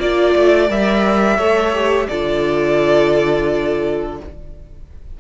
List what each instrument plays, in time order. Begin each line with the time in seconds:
0.00 cello A#3, viola F4, violin D5
0.36 cello A3
0.69 cello G3, viola A#4, violin E5
1.37 cello A3, viola A4, violin C#5
1.74 viola G4
2.08 cello D3, viola F4, violin A4 D5